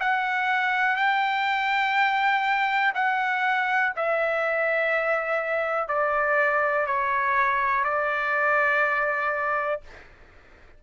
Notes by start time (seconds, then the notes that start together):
0.00 F#5
0.97 G5
2.95 F#5
3.96 E5
5.88 D5
6.87 C#5
7.85 D5